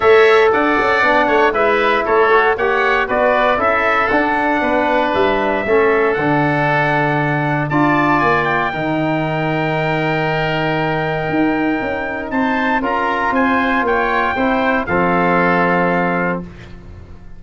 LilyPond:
<<
  \new Staff \with { instrumentName = "trumpet" } { \time 4/4 \tempo 4 = 117 e''4 fis''2 e''4 | cis''4 fis''4 d''4 e''4 | fis''2 e''2 | fis''2. a''4 |
gis''8 g''2.~ g''8~ | g''1 | a''4 ais''4 gis''4 g''4~ | g''4 f''2. | }
  \new Staff \with { instrumentName = "oboe" } { \time 4/4 cis''4 d''4. cis''8 b'4 | a'4 cis''4 b'4 a'4~ | a'4 b'2 a'4~ | a'2. d''4~ |
d''4 ais'2.~ | ais'1 | c''4 ais'4 c''4 cis''4 | c''4 a'2. | }
  \new Staff \with { instrumentName = "trombone" } { \time 4/4 a'2 d'4 e'4~ | e'8 fis'8 g'4 fis'4 e'4 | d'2. cis'4 | d'2. f'4~ |
f'4 dis'2.~ | dis'1~ | dis'4 f'2. | e'4 c'2. | }
  \new Staff \with { instrumentName = "tuba" } { \time 4/4 a4 d'8 cis'8 b8 a8 gis4 | a4 ais4 b4 cis'4 | d'4 b4 g4 a4 | d2. d'4 |
ais4 dis2.~ | dis2 dis'4 cis'4 | c'4 cis'4 c'4 ais4 | c'4 f2. | }
>>